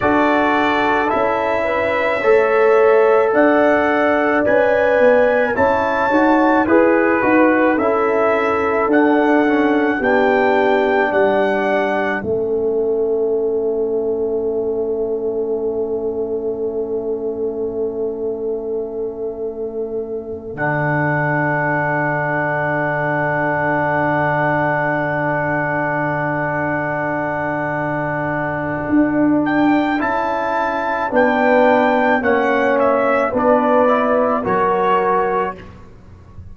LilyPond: <<
  \new Staff \with { instrumentName = "trumpet" } { \time 4/4 \tempo 4 = 54 d''4 e''2 fis''4 | gis''4 a''4 b'4 e''4 | fis''4 g''4 fis''4 e''4~ | e''1~ |
e''2~ e''8 fis''4.~ | fis''1~ | fis''2~ fis''8 g''8 a''4 | g''4 fis''8 e''8 d''4 cis''4 | }
  \new Staff \with { instrumentName = "horn" } { \time 4/4 a'4. b'8 cis''4 d''4~ | d''4 cis''4 b'4 a'4~ | a'4 g'4 d''4 a'4~ | a'1~ |
a'1~ | a'1~ | a'1 | b'4 cis''4 b'4 ais'4 | }
  \new Staff \with { instrumentName = "trombone" } { \time 4/4 fis'4 e'4 a'2 | b'4 e'8 fis'8 gis'8 fis'8 e'4 | d'8 cis'8 d'2 cis'4~ | cis'1~ |
cis'2~ cis'8 d'4.~ | d'1~ | d'2. e'4 | d'4 cis'4 d'8 e'8 fis'4 | }
  \new Staff \with { instrumentName = "tuba" } { \time 4/4 d'4 cis'4 a4 d'4 | cis'8 b8 cis'8 dis'8 e'8 dis'8 cis'4 | d'4 b4 g4 a4~ | a1~ |
a2~ a8 d4.~ | d1~ | d2 d'4 cis'4 | b4 ais4 b4 fis4 | }
>>